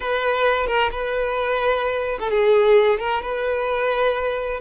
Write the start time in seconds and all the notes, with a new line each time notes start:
0.00 B4
0.67 A#4
0.91 B4
2.19 A4
2.30 G#4
2.99 A#4
3.22 B4